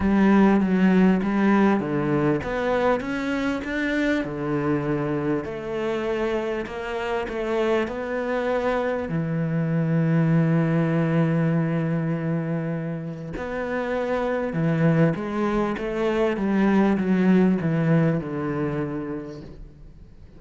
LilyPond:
\new Staff \with { instrumentName = "cello" } { \time 4/4 \tempo 4 = 99 g4 fis4 g4 d4 | b4 cis'4 d'4 d4~ | d4 a2 ais4 | a4 b2 e4~ |
e1~ | e2 b2 | e4 gis4 a4 g4 | fis4 e4 d2 | }